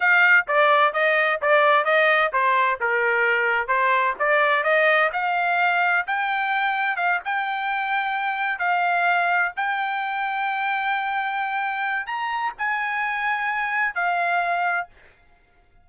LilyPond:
\new Staff \with { instrumentName = "trumpet" } { \time 4/4 \tempo 4 = 129 f''4 d''4 dis''4 d''4 | dis''4 c''4 ais'2 | c''4 d''4 dis''4 f''4~ | f''4 g''2 f''8 g''8~ |
g''2~ g''8 f''4.~ | f''8 g''2.~ g''8~ | g''2 ais''4 gis''4~ | gis''2 f''2 | }